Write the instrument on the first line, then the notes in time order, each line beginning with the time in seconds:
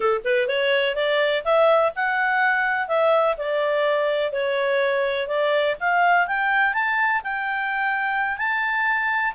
clarinet
0.00 A4
0.24 B4
0.48 C#5
0.95 D5
1.44 E5
1.95 F#5
2.88 E5
3.37 D5
4.32 C#5
5.27 D5
5.79 F5
6.27 G5
6.73 A5
7.23 G5
8.37 A5